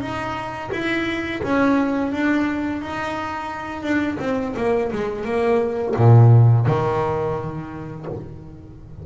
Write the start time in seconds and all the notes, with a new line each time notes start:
0.00 D#4
0.72 E4
1.43 C#4
2.12 D4
2.81 D#4
3.82 D4
4.19 C4
4.56 A#3
4.92 G#3
5.24 A#3
5.96 A#2
6.66 D#3